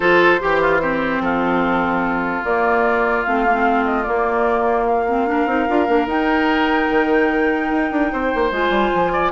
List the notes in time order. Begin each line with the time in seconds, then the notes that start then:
0.00 F3 F4 A4 C5
0.39 E3 G4
0.61 F4
0.81 C4 G4
1.20 F3 F4 A4
2.43 A#3 D5
3.23 A3 C4 F5
3.45 A#3
3.53 C4
3.85 D#5
4.03 A#3 D5
4.86 F5
5.07 C4
5.27 D4 A#4
5.45 C4 D#4
5.68 D4 F4
5.86 A#3 D4
6.06 D#4 G5
6.90 D#3
7.70 D#4
7.91 D4
8.12 C4 C5
8.34 A#3
8.51 G#3 F4 G#5
8.69 G3
8.94 F3
9.12 D5